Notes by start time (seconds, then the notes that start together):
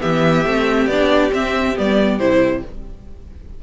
0.00 E3 B3 G4 E5
0.44 A3 C4
0.86 B3 D4 D5
1.30 C4 E5
1.75 G3 B3 D5
2.18 C3 E4 C5